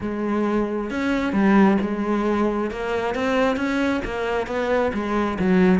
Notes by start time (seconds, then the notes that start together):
0.00 G#3
0.90 C#4
1.32 G3
1.81 G#3
2.70 A#3
3.14 C4
3.56 C#4
4.05 A#3
4.47 B3
4.93 G#3
5.39 F#3